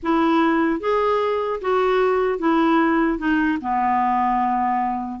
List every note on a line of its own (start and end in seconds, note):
0.03 0.80 E4
0.80 1.60 G#4
1.61 2.39 F#4
2.39 3.18 E4
3.18 3.58 D#4
3.61 5.20 B3